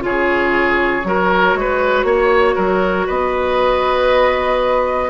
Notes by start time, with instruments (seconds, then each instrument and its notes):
0.00 bassoon C#3, clarinet F4, oboe G#4, flute C#5
1.04 bassoon F#3, clarinet F#4, oboe A#4
1.54 bassoon G#3, oboe B4
2.03 bassoon A#3, oboe C#5
2.55 bassoon F#3, oboe A#4
3.06 bassoon B3, oboe B4, flute D#5